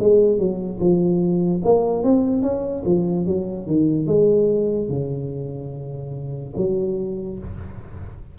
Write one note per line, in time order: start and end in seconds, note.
0.00 0.38 G#3
0.38 0.80 F#3
0.80 1.63 F3
1.64 2.04 A#3
2.04 2.42 C4
2.42 2.84 C#4
2.86 3.27 F3
3.27 3.67 F#3
3.67 4.07 D#3
4.07 4.89 G#3
4.89 6.53 C#3
6.57 7.39 F#3